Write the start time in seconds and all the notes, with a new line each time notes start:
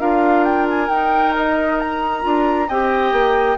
0.00 D4 F4 A#4 F5
0.44 G5
0.70 G#5
0.89 D#4 G5
1.36 D#5
1.80 A#5
2.22 D4 F4
2.68 C4 G4 D#5 G5
3.12 A#3